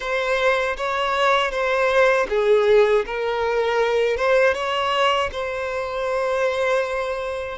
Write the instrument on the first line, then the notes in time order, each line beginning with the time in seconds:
violin
0.00 C5
0.77 C#5
1.51 C5
2.29 G#4
3.06 A#4
4.16 C5
4.54 C#5
5.32 C5